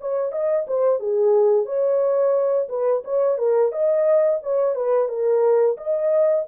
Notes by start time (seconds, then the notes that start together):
0.00 C#5
0.32 D#5
0.67 C5
0.99 G#4
1.65 C#5
2.68 B4
3.04 C#5
3.38 A#4
3.72 D#5
4.43 C#5
4.75 B4
5.08 A#4
5.77 D#5